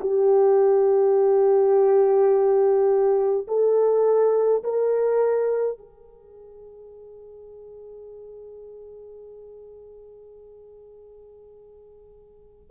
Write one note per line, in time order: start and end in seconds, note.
0.00 3.46 G4
3.47 4.63 A4
4.63 5.78 A#4
5.78 12.70 G#4